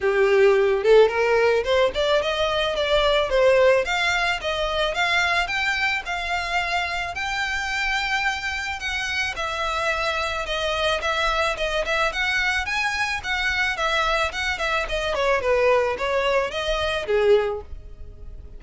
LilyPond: \new Staff \with { instrumentName = "violin" } { \time 4/4 \tempo 4 = 109 g'4. a'8 ais'4 c''8 d''8 | dis''4 d''4 c''4 f''4 | dis''4 f''4 g''4 f''4~ | f''4 g''2. |
fis''4 e''2 dis''4 | e''4 dis''8 e''8 fis''4 gis''4 | fis''4 e''4 fis''8 e''8 dis''8 cis''8 | b'4 cis''4 dis''4 gis'4 | }